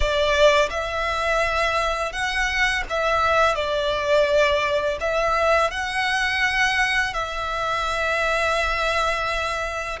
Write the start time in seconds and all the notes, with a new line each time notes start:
0.00 D5
0.70 E5
2.12 F#5
2.89 E5
3.55 D5
5.00 E5
5.70 F#5
7.13 E5